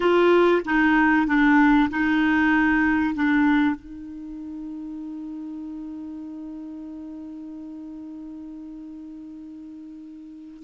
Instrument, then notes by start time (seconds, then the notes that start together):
clarinet
0.00 F4
0.65 D#4
1.26 D4
1.90 D#4
3.14 D4
3.75 D#4